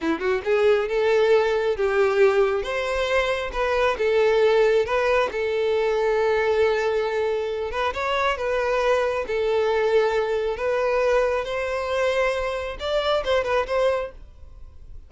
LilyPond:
\new Staff \with { instrumentName = "violin" } { \time 4/4 \tempo 4 = 136 e'8 fis'8 gis'4 a'2 | g'2 c''2 | b'4 a'2 b'4 | a'1~ |
a'4. b'8 cis''4 b'4~ | b'4 a'2. | b'2 c''2~ | c''4 d''4 c''8 b'8 c''4 | }